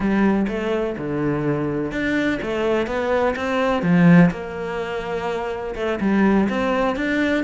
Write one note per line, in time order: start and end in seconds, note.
0.00 0.46 G3
0.47 0.95 A3
0.97 1.91 D3
1.91 2.39 D4
2.41 2.86 A3
2.86 3.34 B3
3.36 3.82 C4
3.82 4.30 F3
4.30 5.74 A#3
5.75 5.99 A3
6.00 6.48 G3
6.49 6.96 C4
6.96 7.44 D4